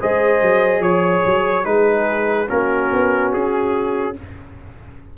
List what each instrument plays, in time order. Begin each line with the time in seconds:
0.00 tuba G#3, trombone G#4, horn C5, trumpet D#5
0.42 tuba F#3
0.80 tuba F3, horn C#5, trumpet C#5
1.25 tuba F#3
1.64 tuba G#3, trombone D#4, horn G#4, trumpet B4
2.47 tuba A#3, trombone C#4, horn F#4, trumpet A#4
2.93 tuba B3
3.33 tuba C#4, trumpet G#4